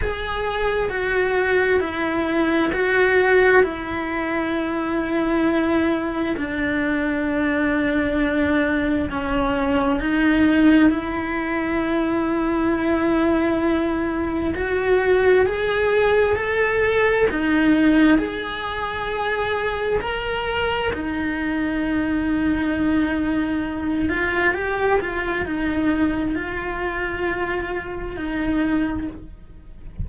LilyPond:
\new Staff \with { instrumentName = "cello" } { \time 4/4 \tempo 4 = 66 gis'4 fis'4 e'4 fis'4 | e'2. d'4~ | d'2 cis'4 dis'4 | e'1 |
fis'4 gis'4 a'4 dis'4 | gis'2 ais'4 dis'4~ | dis'2~ dis'8 f'8 g'8 f'8 | dis'4 f'2 dis'4 | }